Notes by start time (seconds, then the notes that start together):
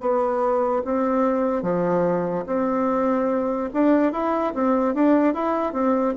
0.00 B3
0.84 C4
1.62 F3
2.46 C4
3.74 D4
4.12 E4
4.54 C4
4.94 D4
5.34 E4
5.73 C4